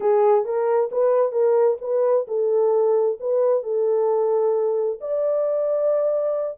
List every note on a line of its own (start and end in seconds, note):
0.00 0.44 G#4
0.44 0.90 A#4
0.91 1.32 B4
1.32 1.77 A#4
1.81 2.26 B4
2.27 3.18 A4
3.20 3.63 B4
3.63 4.99 A4
5.00 6.58 D5